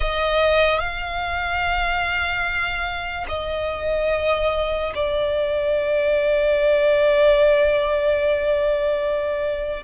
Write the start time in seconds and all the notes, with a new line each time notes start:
0.00 D#5
0.79 F5
3.28 D#5
4.94 D5